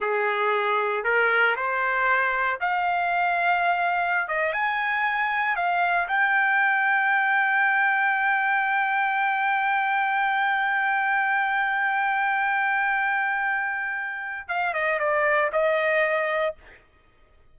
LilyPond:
\new Staff \with { instrumentName = "trumpet" } { \time 4/4 \tempo 4 = 116 gis'2 ais'4 c''4~ | c''4 f''2.~ | f''16 dis''8 gis''2 f''4 g''16~ | g''1~ |
g''1~ | g''1~ | g''1 | f''8 dis''8 d''4 dis''2 | }